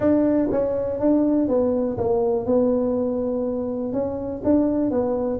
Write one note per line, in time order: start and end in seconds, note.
0.00 0.49 D4
0.51 0.99 C#4
0.99 1.48 D4
1.48 1.97 B3
1.97 2.45 A#3
2.45 3.92 B3
3.92 4.42 C#4
4.44 4.90 D4
4.90 5.40 B3